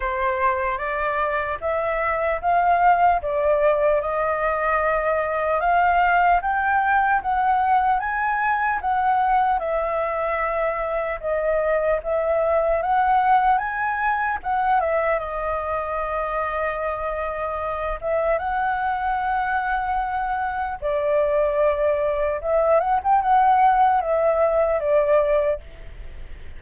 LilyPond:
\new Staff \with { instrumentName = "flute" } { \time 4/4 \tempo 4 = 75 c''4 d''4 e''4 f''4 | d''4 dis''2 f''4 | g''4 fis''4 gis''4 fis''4 | e''2 dis''4 e''4 |
fis''4 gis''4 fis''8 e''8 dis''4~ | dis''2~ dis''8 e''8 fis''4~ | fis''2 d''2 | e''8 fis''16 g''16 fis''4 e''4 d''4 | }